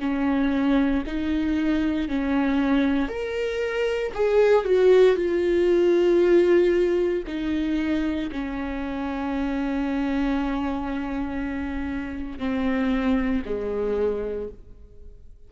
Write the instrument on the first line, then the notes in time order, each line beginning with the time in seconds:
viola
0.00 C#4
1.07 D#4
2.09 C#4
3.09 A#4
4.15 G#4
4.66 F#4
5.17 F4
7.27 D#4
8.32 C#4
12.39 C4
13.46 G#3